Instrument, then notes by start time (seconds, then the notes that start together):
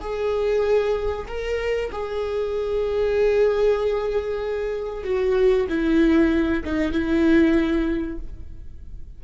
viola
0.00 G#4
1.27 A#4
1.92 G#4
5.04 F#4
5.68 E4
6.64 D#4
6.92 E4